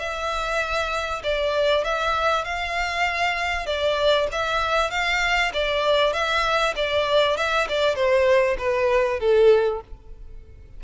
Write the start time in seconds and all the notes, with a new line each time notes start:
0.00 E5
1.24 D5
1.85 E5
2.45 F5
3.67 D5
4.32 E5
4.91 F5
5.54 D5
6.13 E5
6.76 D5
7.37 E5
7.69 D5
7.96 C5
8.59 B4
9.20 A4